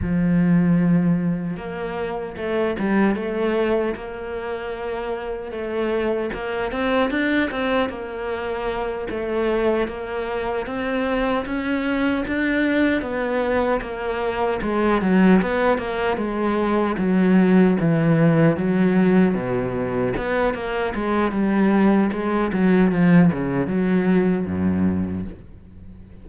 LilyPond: \new Staff \with { instrumentName = "cello" } { \time 4/4 \tempo 4 = 76 f2 ais4 a8 g8 | a4 ais2 a4 | ais8 c'8 d'8 c'8 ais4. a8~ | a8 ais4 c'4 cis'4 d'8~ |
d'8 b4 ais4 gis8 fis8 b8 | ais8 gis4 fis4 e4 fis8~ | fis8 b,4 b8 ais8 gis8 g4 | gis8 fis8 f8 cis8 fis4 fis,4 | }